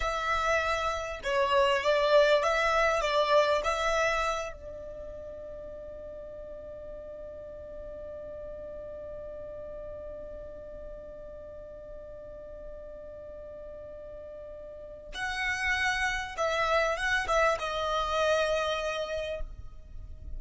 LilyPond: \new Staff \with { instrumentName = "violin" } { \time 4/4 \tempo 4 = 99 e''2 cis''4 d''4 | e''4 d''4 e''4. d''8~ | d''1~ | d''1~ |
d''1~ | d''1~ | d''4 fis''2 e''4 | fis''8 e''8 dis''2. | }